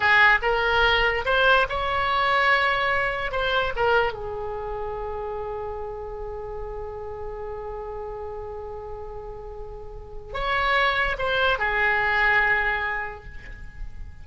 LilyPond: \new Staff \with { instrumentName = "oboe" } { \time 4/4 \tempo 4 = 145 gis'4 ais'2 c''4 | cis''1 | c''4 ais'4 gis'2~ | gis'1~ |
gis'1~ | gis'1~ | gis'4 cis''2 c''4 | gis'1 | }